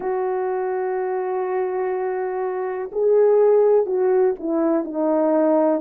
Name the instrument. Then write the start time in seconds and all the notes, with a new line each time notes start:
horn
0.00 F#4
2.92 G#4
3.86 F#4
4.39 E4
4.84 D#4